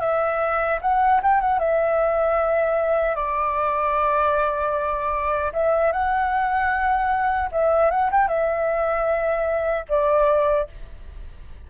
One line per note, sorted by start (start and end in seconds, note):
0.00 0.79 E5
0.81 1.21 F#5
1.22 1.40 G5
1.40 1.59 F#5
1.59 3.15 E5
3.15 5.52 D5
5.53 5.92 E5
5.92 7.50 F#5
7.52 7.91 E5
7.91 8.10 F#5
8.11 8.28 G5
8.28 9.86 E5
9.89 10.68 D5